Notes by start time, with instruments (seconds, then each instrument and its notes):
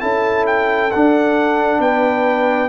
0.00 tuba C#4, trombone E4, horn A4, trumpet A5
0.47 trumpet G5
0.91 trombone D4, tuba D4, trumpet F#5
1.79 tuba B3, horn B4, trumpet G5